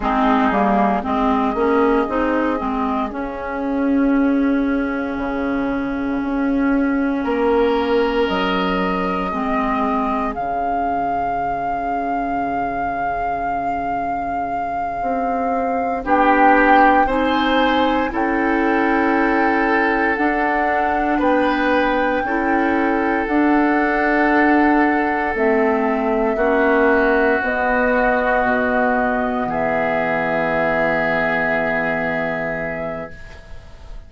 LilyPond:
<<
  \new Staff \with { instrumentName = "flute" } { \time 4/4 \tempo 4 = 58 gis'4 dis''2 f''4~ | f''1 | dis''2 f''2~ | f''2.~ f''8 g''8~ |
g''8 gis''4 g''2 fis''8~ | fis''8 g''2 fis''4.~ | fis''8 e''2 dis''4.~ | dis''8 e''2.~ e''8 | }
  \new Staff \with { instrumentName = "oboe" } { \time 4/4 dis'4 gis'2.~ | gis'2. ais'4~ | ais'4 gis'2.~ | gis'2.~ gis'8 g'8~ |
g'8 c''4 a'2~ a'8~ | a'8 b'4 a'2~ a'8~ | a'4. fis'2~ fis'8~ | fis'8 gis'2.~ gis'8 | }
  \new Staff \with { instrumentName = "clarinet" } { \time 4/4 c'8 ais8 c'8 cis'8 dis'8 c'8 cis'4~ | cis'1~ | cis'4 c'4 cis'2~ | cis'2.~ cis'8 d'8~ |
d'8 dis'4 e'2 d'8~ | d'4. e'4 d'4.~ | d'8 c'4 cis'4 b4.~ | b1 | }
  \new Staff \with { instrumentName = "bassoon" } { \time 4/4 gis8 g8 gis8 ais8 c'8 gis8 cis'4~ | cis'4 cis4 cis'4 ais4 | fis4 gis4 cis2~ | cis2~ cis8 c'4 b8~ |
b8 c'4 cis'2 d'8~ | d'8 b4 cis'4 d'4.~ | d'8 a4 ais4 b4 b,8~ | b,8 e2.~ e8 | }
>>